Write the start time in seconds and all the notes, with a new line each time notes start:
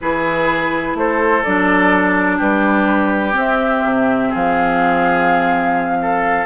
0.00 E3 E4 G#4 B4
0.94 A3 A4 C5
1.42 F#3 D4 D5
2.37 G3 G4 B4
3.32 C4 E5
3.83 C3
4.29 F3 G#4 F5
6.01 A4